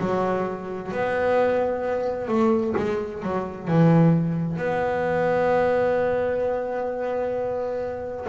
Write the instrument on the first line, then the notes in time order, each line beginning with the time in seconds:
double bass
0.00 F#3
0.92 B3
2.28 A3
2.77 G#3
3.23 F#3
3.68 E3
4.57 B3